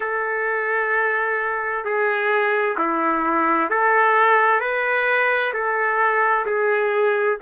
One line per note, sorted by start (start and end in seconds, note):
0.00 1.85 A4
1.85 2.77 G#4
2.77 3.69 E4
3.69 4.60 A4
4.60 5.53 B4
5.53 6.45 A4
6.46 7.38 G#4